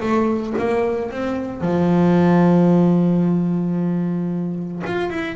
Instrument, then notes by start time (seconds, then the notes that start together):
double bass
0.00 A3
0.58 A#3
1.11 C4
1.61 F3
4.86 F4
5.10 E4